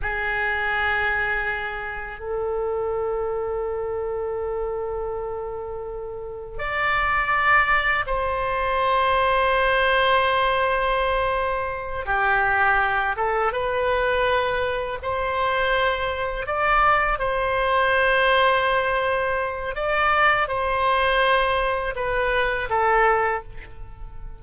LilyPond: \new Staff \with { instrumentName = "oboe" } { \time 4/4 \tempo 4 = 82 gis'2. a'4~ | a'1~ | a'4 d''2 c''4~ | c''1~ |
c''8 g'4. a'8 b'4.~ | b'8 c''2 d''4 c''8~ | c''2. d''4 | c''2 b'4 a'4 | }